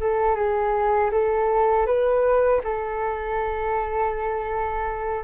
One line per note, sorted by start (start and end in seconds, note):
0.00 0.35 A4
0.35 1.10 G#4
1.11 1.86 A4
1.86 2.61 B4
2.64 5.24 A4